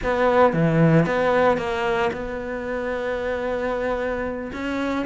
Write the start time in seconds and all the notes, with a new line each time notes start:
0.03 B3
0.53 E3
1.05 B3
1.57 A#3
2.12 B3
4.52 C#4